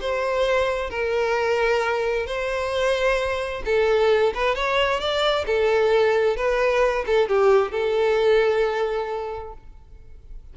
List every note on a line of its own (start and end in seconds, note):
0.00 0.90 C5
0.90 2.26 A#4
2.26 3.63 C5
3.65 4.33 A4
4.34 4.55 B4
4.55 5.00 C#5
5.00 5.45 D5
5.46 6.36 A4
6.36 7.05 B4
7.06 7.28 A4
7.28 7.71 G4
7.71 9.53 A4